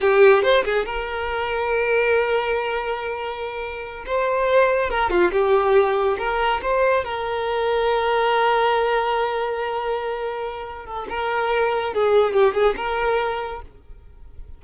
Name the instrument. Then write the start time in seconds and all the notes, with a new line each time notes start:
violin
0.00 G4
0.43 C5
0.64 G#4
0.85 A#4
4.05 C5
4.89 A#4
5.10 F4
5.32 G4
6.18 A#4
6.62 C5
7.04 A#4
10.85 A4
11.09 A#4
11.93 G#4
12.33 G4
12.54 G#4
12.76 A#4